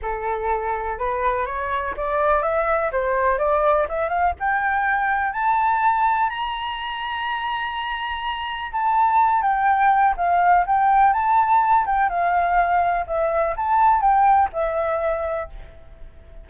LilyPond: \new Staff \with { instrumentName = "flute" } { \time 4/4 \tempo 4 = 124 a'2 b'4 cis''4 | d''4 e''4 c''4 d''4 | e''8 f''8 g''2 a''4~ | a''4 ais''2.~ |
ais''2 a''4. g''8~ | g''4 f''4 g''4 a''4~ | a''8 g''8 f''2 e''4 | a''4 g''4 e''2 | }